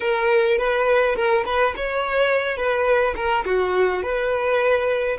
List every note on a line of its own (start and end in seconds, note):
0.00 0.58 A#4
0.58 1.15 B4
1.15 1.44 A#4
1.45 1.74 B4
1.76 2.56 C#5
2.56 3.14 B4
3.16 3.45 A#4
3.45 4.02 F#4
4.02 5.18 B4